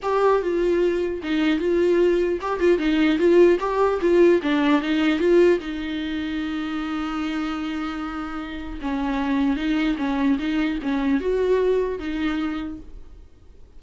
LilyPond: \new Staff \with { instrumentName = "viola" } { \time 4/4 \tempo 4 = 150 g'4 f'2 dis'4 | f'2 g'8 f'8 dis'4 | f'4 g'4 f'4 d'4 | dis'4 f'4 dis'2~ |
dis'1~ | dis'2 cis'2 | dis'4 cis'4 dis'4 cis'4 | fis'2 dis'2 | }